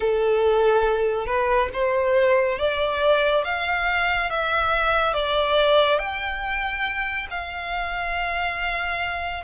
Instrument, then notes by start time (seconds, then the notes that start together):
violin
0.00 A4
1.26 B4
1.73 C5
2.58 D5
3.44 F5
4.30 E5
5.14 D5
5.98 G5
7.30 F5